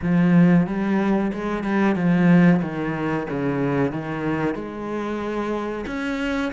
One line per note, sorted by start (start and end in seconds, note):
0.01 0.66 F3
0.66 1.32 G3
1.32 1.63 G#3
1.63 1.95 G3
1.95 2.60 F3
2.62 3.27 D#3
3.29 3.91 C#3
3.91 4.54 D#3
4.54 5.85 G#3
5.86 6.52 C#4